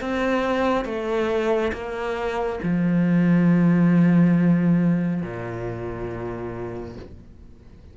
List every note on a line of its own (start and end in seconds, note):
0.00 0.85 C4
0.85 1.72 A3
1.72 2.59 A#3
2.62 5.22 F3
5.22 6.96 A#2